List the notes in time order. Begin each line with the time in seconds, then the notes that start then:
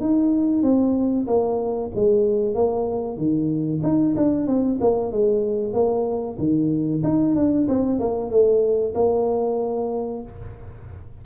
0.00 D#4
0.63 C4
1.27 A#3
1.95 G#3
2.54 A#3
3.17 D#3
3.83 D#4
4.16 D4
4.47 C4
4.80 A#3
5.12 G#3
5.74 A#3
6.38 D#3
7.03 D#4
7.35 D4
7.68 C4
7.99 A#3
8.30 A3
8.94 A#3